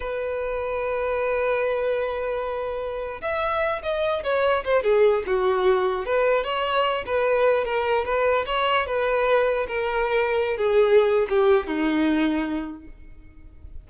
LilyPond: \new Staff \with { instrumentName = "violin" } { \time 4/4 \tempo 4 = 149 b'1~ | b'1 | e''4. dis''4 cis''4 c''8 | gis'4 fis'2 b'4 |
cis''4. b'4. ais'4 | b'4 cis''4 b'2 | ais'2~ ais'16 gis'4.~ gis'16 | g'4 dis'2. | }